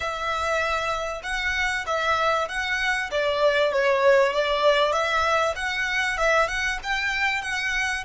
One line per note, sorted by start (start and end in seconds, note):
0.00 1.22 E5
1.23 1.85 F#5
1.86 2.48 E5
2.48 3.10 F#5
3.11 3.72 D5
3.72 4.32 C#5
4.32 4.92 D5
4.92 5.54 E5
5.55 6.17 F#5
6.17 6.48 E5
6.48 6.78 F#5
6.83 7.42 G5
7.42 8.04 F#5